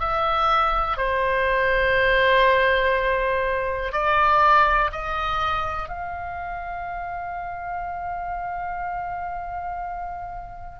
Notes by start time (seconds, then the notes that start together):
0.00 E5
0.97 C5
3.93 D5
4.92 D#5
5.89 F5